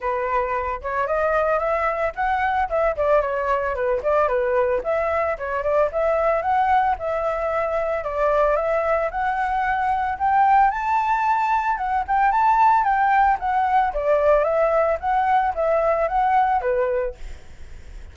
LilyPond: \new Staff \with { instrumentName = "flute" } { \time 4/4 \tempo 4 = 112 b'4. cis''8 dis''4 e''4 | fis''4 e''8 d''8 cis''4 b'8 d''8 | b'4 e''4 cis''8 d''8 e''4 | fis''4 e''2 d''4 |
e''4 fis''2 g''4 | a''2 fis''8 g''8 a''4 | g''4 fis''4 d''4 e''4 | fis''4 e''4 fis''4 b'4 | }